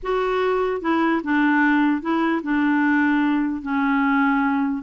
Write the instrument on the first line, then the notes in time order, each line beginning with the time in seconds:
clarinet
0.02 F#4
0.81 E4
1.23 D4
2.01 E4
2.42 D4
3.61 C#4